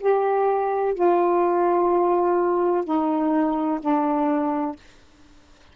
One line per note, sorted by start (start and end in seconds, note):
0.00 0.95 G4
0.95 2.85 F4
2.85 3.80 D#4
3.81 4.76 D4